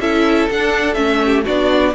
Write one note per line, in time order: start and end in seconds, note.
0.00 0.48 C#4
0.00 0.49 E4
0.00 1.21 A4
0.00 0.49 E5
0.51 0.96 D4
0.51 0.94 F#5
0.94 1.45 A3
0.94 1.44 C#4
0.94 1.42 E5
1.25 1.45 G4
1.45 1.95 B3
1.45 1.94 D4
1.45 1.93 F#4
1.45 1.95 D5